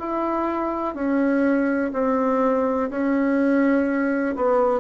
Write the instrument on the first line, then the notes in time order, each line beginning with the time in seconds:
bassoon
0.00 E4
0.95 C#4
1.94 C4
2.91 C#4
4.36 B3